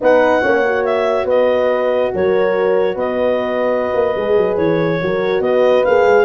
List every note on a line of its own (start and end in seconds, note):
0.00 0.44 B3
0.00 0.43 D#4
0.00 0.41 B4
0.00 0.84 F#5
0.41 1.24 A#3
0.41 0.64 C#4
0.41 1.26 C#5
0.66 4.16 F#4
0.84 1.27 E5
1.24 2.09 B3
1.24 2.11 B4
1.24 2.13 D#5
2.14 2.96 F#3
2.14 2.95 A#4
2.14 2.98 C#5
2.95 3.91 B3
2.95 4.97 B4
2.95 4.56 D#5
3.94 4.15 A#3
4.16 4.37 G#3
4.16 5.01 G#4
4.37 4.57 F#3
4.56 5.00 E3
4.56 5.41 C#5
5.01 5.40 F#3
5.01 5.86 F#4
5.01 5.43 A#4
5.40 5.83 B3
5.40 6.24 B4
5.40 5.84 D#5
5.84 6.05 A#3
5.84 6.24 G#4
5.84 6.24 F5
6.05 6.24 G#3